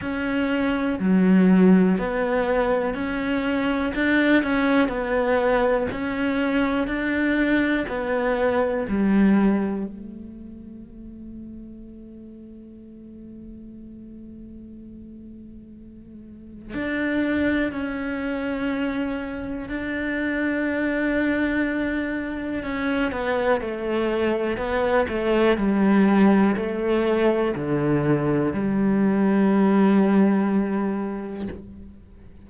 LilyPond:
\new Staff \with { instrumentName = "cello" } { \time 4/4 \tempo 4 = 61 cis'4 fis4 b4 cis'4 | d'8 cis'8 b4 cis'4 d'4 | b4 g4 a2~ | a1~ |
a4 d'4 cis'2 | d'2. cis'8 b8 | a4 b8 a8 g4 a4 | d4 g2. | }